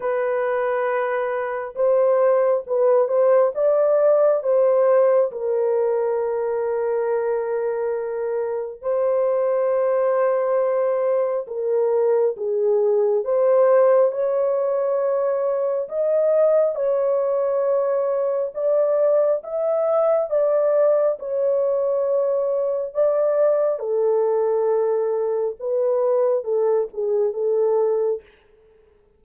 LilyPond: \new Staff \with { instrumentName = "horn" } { \time 4/4 \tempo 4 = 68 b'2 c''4 b'8 c''8 | d''4 c''4 ais'2~ | ais'2 c''2~ | c''4 ais'4 gis'4 c''4 |
cis''2 dis''4 cis''4~ | cis''4 d''4 e''4 d''4 | cis''2 d''4 a'4~ | a'4 b'4 a'8 gis'8 a'4 | }